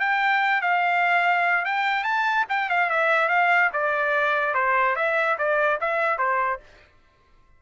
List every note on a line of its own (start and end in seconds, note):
0.00 0.62 G5
0.62 1.65 F5
1.65 2.04 G5
2.04 2.45 A5
2.49 2.69 G5
2.69 2.90 F5
2.90 3.29 E5
3.29 3.70 F5
3.73 4.54 D5
4.54 4.96 C5
4.96 5.37 E5
5.38 5.80 D5
5.81 6.18 E5
6.18 6.60 C5